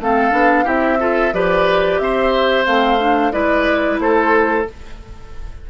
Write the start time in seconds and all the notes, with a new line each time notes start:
0.00 A3 C4 A4 F5
0.32 B3 D4
0.65 C4 E4 G4 E5
0.99 F4 A4
1.33 F3 G4 B4 D5
1.99 C4 C5 E5
2.66 A3 C4 F5
2.99 D4
3.32 G#3 E4 B4 D5
3.99 A3 A4 C5